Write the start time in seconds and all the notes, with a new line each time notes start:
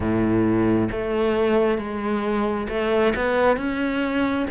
0.00 A2
0.91 A3
1.78 G#3
2.68 A3
3.15 B3
3.57 C#4